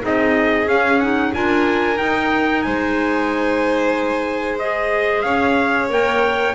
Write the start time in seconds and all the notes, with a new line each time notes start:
0.00 C4 D#4 G#4 D#5
0.66 C#4 F5
1.00 D#4 F#5
1.34 D4 F4 A#4 G#5
1.96 D#4 G5
2.62 G#3 C5 G#5
4.58 G#4 D#5
5.21 C#4 C#5 F5
5.89 A#3 A#4 G5